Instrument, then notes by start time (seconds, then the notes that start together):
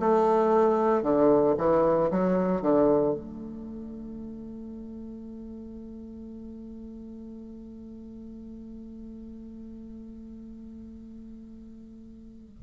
bassoon
0.00 A3
1.03 D3
1.58 E3
2.11 F#3
2.62 D3
3.14 A3